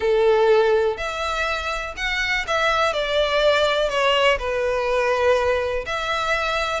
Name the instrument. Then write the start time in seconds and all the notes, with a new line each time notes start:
violin
0.00 A4
0.97 E5
1.96 F#5
2.47 E5
2.93 D5
3.89 C#5
4.39 B4
5.86 E5